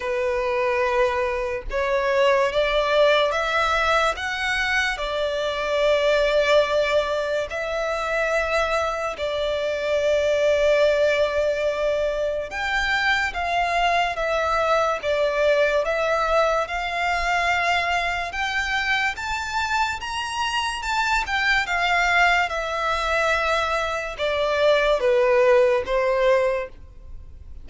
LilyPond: \new Staff \with { instrumentName = "violin" } { \time 4/4 \tempo 4 = 72 b'2 cis''4 d''4 | e''4 fis''4 d''2~ | d''4 e''2 d''4~ | d''2. g''4 |
f''4 e''4 d''4 e''4 | f''2 g''4 a''4 | ais''4 a''8 g''8 f''4 e''4~ | e''4 d''4 b'4 c''4 | }